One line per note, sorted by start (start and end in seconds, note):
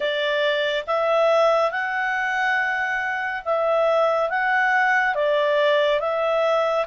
0.00 0.85 D5
0.86 1.71 E5
1.71 3.42 F#5
3.44 4.29 E5
4.29 5.14 F#5
5.14 6.00 D5
6.00 6.85 E5